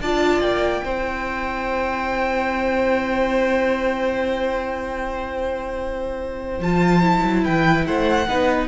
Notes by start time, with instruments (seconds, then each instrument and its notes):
0.00 cello D4, viola F4, violin D5 A5
0.40 cello A#3, violin G5
0.84 cello C4, viola E4, violin C5
6.59 cello F3, viola F4, violin A5
7.01 viola E4
7.24 cello F#3
7.43 cello E3, violin B4 G5
7.86 cello A3, violin C5 F#5
8.27 cello B3, viola D#4, violin B4